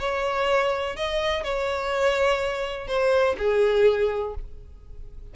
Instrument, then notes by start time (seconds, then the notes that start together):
violin
0.00 C#5
0.97 D#5
1.44 C#5
2.88 C5
3.38 G#4